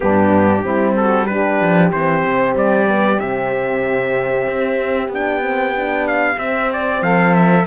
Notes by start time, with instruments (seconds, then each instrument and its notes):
0.00 cello G2, horn B3, saxophone D4, trumpet G4
0.63 cello G3, horn C4, saxophone E4
0.96 saxophone F#4, trumpet A4
1.26 horn D4, saxophone G4, trumpet B4
1.60 cello F3
1.92 cello E3, horn C4, trumpet C5
2.25 cello C3
2.55 cello G3, trumpet D5
2.87 horn B3
3.19 cello C3, horn C4, trumpet E5
4.47 cello C4
5.08 cello B3, horn D4, trumpet G5
5.41 horn C4
5.76 horn D4
6.07 trumpet F5
6.35 horn C4, cello C4, trumpet E5
6.72 trumpet D5
7.01 cello F3, saxophone A4, trumpet F5
7.34 trumpet E5